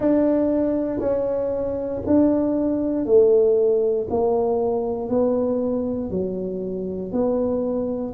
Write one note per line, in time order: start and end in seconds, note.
0.00 0.99 D4
0.99 2.01 C#4
2.06 3.05 D4
3.05 4.07 A3
4.10 5.09 A#3
5.09 6.10 B3
6.10 7.11 F#3
7.11 8.13 B3